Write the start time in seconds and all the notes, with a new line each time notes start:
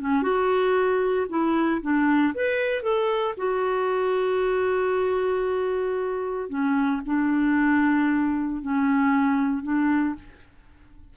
0.00 C#4
0.22 F#4
1.29 E4
1.81 D4
2.34 B4
2.82 A4
3.37 F#4
6.49 C#4
7.05 D4
8.62 C#4
9.63 D4